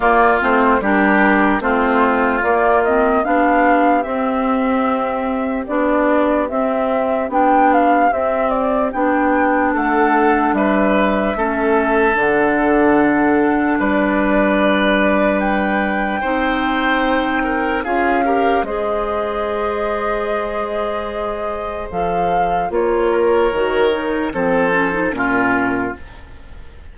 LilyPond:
<<
  \new Staff \with { instrumentName = "flute" } { \time 4/4 \tempo 4 = 74 d''8 c''8 ais'4 c''4 d''8 dis''8 | f''4 e''2 d''4 | e''4 g''8 f''8 e''8 d''8 g''4 | fis''4 e''2 fis''4~ |
fis''4 d''2 g''4~ | g''2 f''4 dis''4~ | dis''2. f''4 | cis''2 c''4 ais'4 | }
  \new Staff \with { instrumentName = "oboe" } { \time 4/4 f'4 g'4 f'2 | g'1~ | g'1 | a'4 b'4 a'2~ |
a'4 b'2. | c''4. ais'8 gis'8 ais'8 c''4~ | c''1~ | c''8 ais'4. a'4 f'4 | }
  \new Staff \with { instrumentName = "clarinet" } { \time 4/4 ais8 c'8 d'4 c'4 ais8 c'8 | d'4 c'2 d'4 | c'4 d'4 c'4 d'4~ | d'2 cis'4 d'4~ |
d'1 | dis'2 f'8 g'8 gis'4~ | gis'2. a'4 | f'4 fis'8 dis'8 c'8 cis'16 dis'16 cis'4 | }
  \new Staff \with { instrumentName = "bassoon" } { \time 4/4 ais8 a8 g4 a4 ais4 | b4 c'2 b4 | c'4 b4 c'4 b4 | a4 g4 a4 d4~ |
d4 g2. | c'2 cis'4 gis4~ | gis2. f4 | ais4 dis4 f4 ais,4 | }
>>